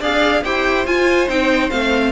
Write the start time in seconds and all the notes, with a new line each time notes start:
0.00 D4 G#4 D5 F5
0.45 E4 G4 C5 G5
0.87 F4 G#5
1.28 C4 D#4 G5
1.70 A3 C4 F5